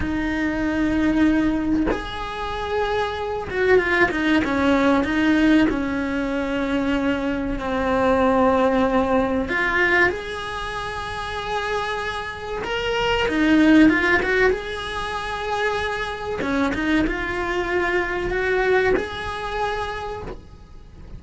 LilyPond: \new Staff \with { instrumentName = "cello" } { \time 4/4 \tempo 4 = 95 dis'2. gis'4~ | gis'4. fis'8 f'8 dis'8 cis'4 | dis'4 cis'2. | c'2. f'4 |
gis'1 | ais'4 dis'4 f'8 fis'8 gis'4~ | gis'2 cis'8 dis'8 f'4~ | f'4 fis'4 gis'2 | }